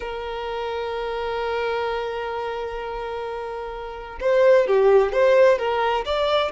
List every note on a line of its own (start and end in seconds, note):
0.00 4.19 A#4
4.20 4.67 C5
4.67 5.12 G4
5.12 5.58 C5
5.58 6.05 A#4
6.05 6.51 D5